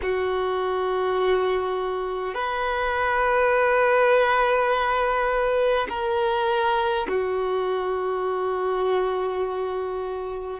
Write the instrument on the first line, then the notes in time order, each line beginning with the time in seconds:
violin
0.02 F#4
2.34 B4
5.89 A#4
7.07 F#4